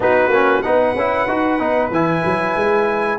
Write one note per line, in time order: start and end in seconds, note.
0.00 0.28 B3
0.00 0.31 D#4
0.00 0.63 F#4
0.00 0.62 B4
0.28 0.60 A#3
0.28 0.63 C#4
0.62 0.95 B3
0.62 0.95 D#4
0.62 3.18 B4
0.62 1.90 F#5
0.95 1.26 C#4
0.95 1.28 E4
1.27 1.59 D#4
1.27 1.59 F#4
1.59 1.90 B3
1.59 1.91 D#4
1.90 2.22 E3
1.90 3.18 E4
1.90 3.18 G#5
2.24 2.55 F#3
2.55 3.18 G#3